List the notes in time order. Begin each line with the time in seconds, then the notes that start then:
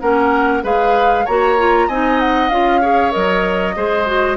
0.00 A#3 C#4 A#4 F#5
0.63 G#3 G#4 B4 F5
1.25 A#3 F#4 C#5 A#5
1.58 F4
1.87 C4 D#4 D#5 G#5
2.20 F#5
2.49 C#4 F4 F5
2.81 G#4 C#5
3.11 F#3 A#4 D#5
3.76 G#3 G#4 C5
4.06 F#4